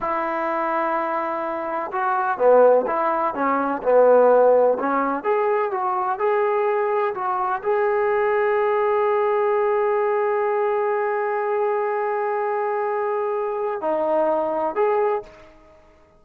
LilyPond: \new Staff \with { instrumentName = "trombone" } { \time 4/4 \tempo 4 = 126 e'1 | fis'4 b4 e'4 cis'4 | b2 cis'4 gis'4 | fis'4 gis'2 fis'4 |
gis'1~ | gis'1~ | gis'1~ | gis'4 dis'2 gis'4 | }